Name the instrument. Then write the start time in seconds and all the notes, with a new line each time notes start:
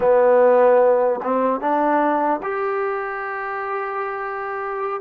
trombone
0.00 B3
1.22 C4
1.60 D4
2.42 G4